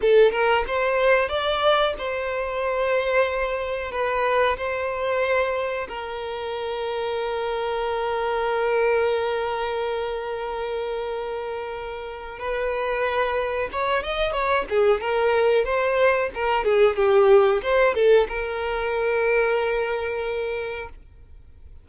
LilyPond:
\new Staff \with { instrumentName = "violin" } { \time 4/4 \tempo 4 = 92 a'8 ais'8 c''4 d''4 c''4~ | c''2 b'4 c''4~ | c''4 ais'2.~ | ais'1~ |
ais'2. b'4~ | b'4 cis''8 dis''8 cis''8 gis'8 ais'4 | c''4 ais'8 gis'8 g'4 c''8 a'8 | ais'1 | }